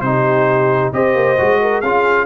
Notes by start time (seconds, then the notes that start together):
0.00 C3 D#4 G4 C5
0.92 C4 G4 C5 D#5
1.15 A#3
1.37 G#3 F#4
1.60 A#4
1.81 C#4 F4 G#4 F5